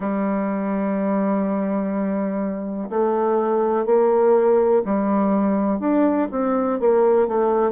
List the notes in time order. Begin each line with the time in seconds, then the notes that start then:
0.00 G3
2.89 A3
3.85 A#3
4.84 G3
5.79 D4
6.31 C4
6.79 A#3
7.27 A3